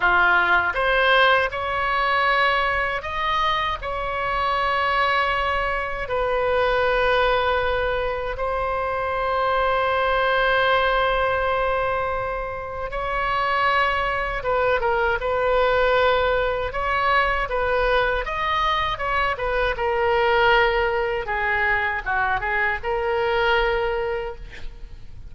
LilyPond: \new Staff \with { instrumentName = "oboe" } { \time 4/4 \tempo 4 = 79 f'4 c''4 cis''2 | dis''4 cis''2. | b'2. c''4~ | c''1~ |
c''4 cis''2 b'8 ais'8 | b'2 cis''4 b'4 | dis''4 cis''8 b'8 ais'2 | gis'4 fis'8 gis'8 ais'2 | }